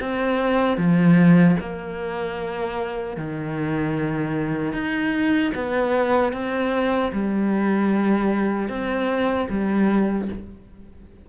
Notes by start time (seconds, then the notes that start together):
0.00 C4
0.77 F3
1.60 A#3
3.17 D#3
4.73 D#4
5.55 B3
6.33 C4
7.12 G3
8.69 C4
9.50 G3